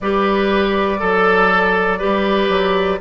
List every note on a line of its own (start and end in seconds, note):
0.00 1.01 G3
0.00 0.98 G4
0.00 0.99 B4
0.00 3.00 D5
0.98 2.01 F#3
0.98 1.98 A4
1.98 2.48 G3
1.98 2.99 G4
1.98 2.98 B4
2.48 2.98 F#3